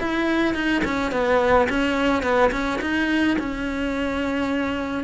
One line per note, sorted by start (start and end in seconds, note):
0.00 0.54 E4
0.54 0.82 D#4
0.84 1.12 C#4
1.12 1.68 B3
1.69 2.23 C#4
2.23 2.51 B3
2.52 2.80 C#4
2.81 3.37 D#4
3.39 5.04 C#4